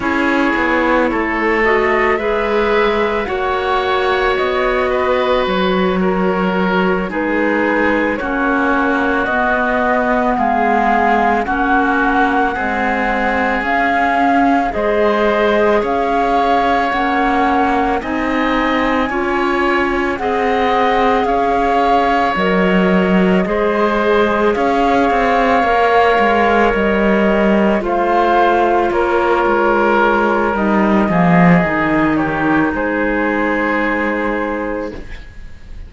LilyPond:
<<
  \new Staff \with { instrumentName = "flute" } { \time 4/4 \tempo 4 = 55 cis''4. dis''8 e''4 fis''4 | dis''4 cis''4. b'4 cis''8~ | cis''8 dis''4 f''4 fis''4.~ | fis''8 f''4 dis''4 f''4 fis''8~ |
fis''8 gis''2 fis''4 f''8~ | f''8 dis''2 f''4.~ | f''8 dis''4 f''4 cis''4. | dis''4. cis''8 c''2 | }
  \new Staff \with { instrumentName = "oboe" } { \time 4/4 gis'4 a'4 b'4 cis''4~ | cis''8 b'4 ais'4 gis'4 fis'8~ | fis'4. gis'4 fis'4 gis'8~ | gis'4. c''4 cis''4.~ |
cis''8 dis''4 cis''4 dis''4 cis''8~ | cis''4. c''4 cis''4.~ | cis''4. c''4 ais'4.~ | ais'8 gis'4 g'8 gis'2 | }
  \new Staff \with { instrumentName = "clarinet" } { \time 4/4 e'4. fis'8 gis'4 fis'4~ | fis'2~ fis'8 dis'4 cis'8~ | cis'8 b2 cis'4 gis8~ | gis8 cis'4 gis'2 cis'8~ |
cis'8 dis'4 f'4 gis'4.~ | gis'8 ais'4 gis'2 ais'8~ | ais'4. f'2~ f'8 | dis'8 ais8 dis'2. | }
  \new Staff \with { instrumentName = "cello" } { \time 4/4 cis'8 b8 a4 gis4 ais4 | b4 fis4. gis4 ais8~ | ais8 b4 gis4 ais4 c'8~ | c'8 cis'4 gis4 cis'4 ais8~ |
ais8 c'4 cis'4 c'4 cis'8~ | cis'8 fis4 gis4 cis'8 c'8 ais8 | gis8 g4 a4 ais8 gis4 | g8 f8 dis4 gis2 | }
>>